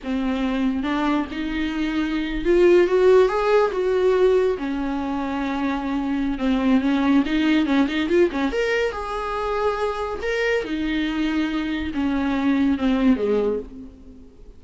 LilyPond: \new Staff \with { instrumentName = "viola" } { \time 4/4 \tempo 4 = 141 c'2 d'4 dis'4~ | dis'4.~ dis'16 f'4 fis'4 gis'16~ | gis'8. fis'2 cis'4~ cis'16~ | cis'2. c'4 |
cis'4 dis'4 cis'8 dis'8 f'8 cis'8 | ais'4 gis'2. | ais'4 dis'2. | cis'2 c'4 gis4 | }